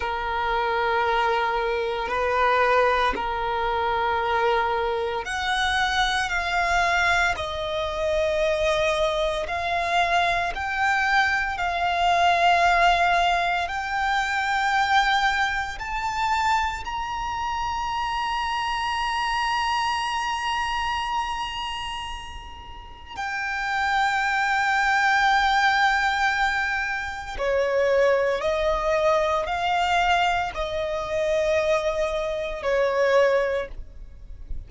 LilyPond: \new Staff \with { instrumentName = "violin" } { \time 4/4 \tempo 4 = 57 ais'2 b'4 ais'4~ | ais'4 fis''4 f''4 dis''4~ | dis''4 f''4 g''4 f''4~ | f''4 g''2 a''4 |
ais''1~ | ais''2 g''2~ | g''2 cis''4 dis''4 | f''4 dis''2 cis''4 | }